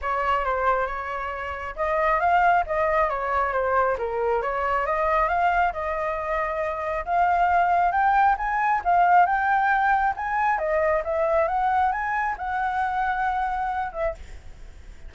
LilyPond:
\new Staff \with { instrumentName = "flute" } { \time 4/4 \tempo 4 = 136 cis''4 c''4 cis''2 | dis''4 f''4 dis''4 cis''4 | c''4 ais'4 cis''4 dis''4 | f''4 dis''2. |
f''2 g''4 gis''4 | f''4 g''2 gis''4 | dis''4 e''4 fis''4 gis''4 | fis''2.~ fis''8 e''8 | }